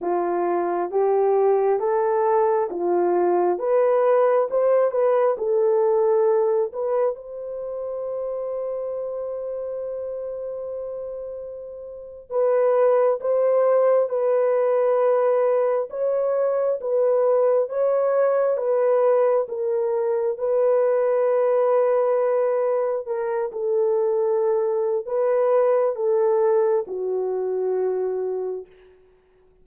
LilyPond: \new Staff \with { instrumentName = "horn" } { \time 4/4 \tempo 4 = 67 f'4 g'4 a'4 f'4 | b'4 c''8 b'8 a'4. b'8 | c''1~ | c''4.~ c''16 b'4 c''4 b'16~ |
b'4.~ b'16 cis''4 b'4 cis''16~ | cis''8. b'4 ais'4 b'4~ b'16~ | b'4.~ b'16 ais'8 a'4.~ a'16 | b'4 a'4 fis'2 | }